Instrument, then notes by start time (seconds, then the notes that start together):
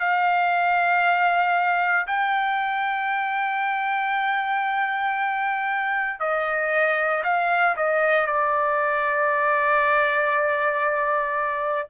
trumpet
0.00 F5
2.07 G5
6.20 D#5
7.24 F5
7.77 D#5
8.27 D5